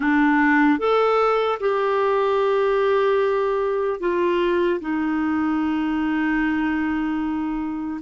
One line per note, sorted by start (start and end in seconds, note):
0.00 0.78 D4
0.78 1.58 A4
1.60 4.00 G4
4.00 4.80 F4
4.80 8.00 D#4